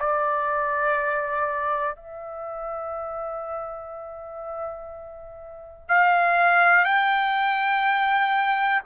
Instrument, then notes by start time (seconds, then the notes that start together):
trumpet
0.00 D5
1.96 E5
5.89 F5
6.85 G5